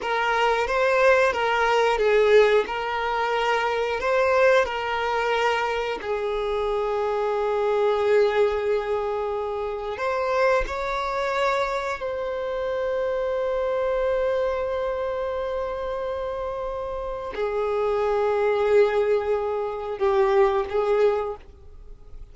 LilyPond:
\new Staff \with { instrumentName = "violin" } { \time 4/4 \tempo 4 = 90 ais'4 c''4 ais'4 gis'4 | ais'2 c''4 ais'4~ | ais'4 gis'2.~ | gis'2. c''4 |
cis''2 c''2~ | c''1~ | c''2 gis'2~ | gis'2 g'4 gis'4 | }